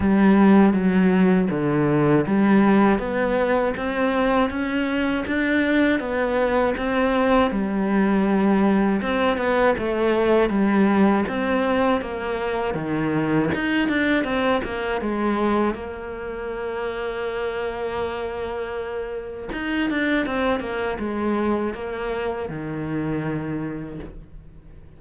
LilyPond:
\new Staff \with { instrumentName = "cello" } { \time 4/4 \tempo 4 = 80 g4 fis4 d4 g4 | b4 c'4 cis'4 d'4 | b4 c'4 g2 | c'8 b8 a4 g4 c'4 |
ais4 dis4 dis'8 d'8 c'8 ais8 | gis4 ais2.~ | ais2 dis'8 d'8 c'8 ais8 | gis4 ais4 dis2 | }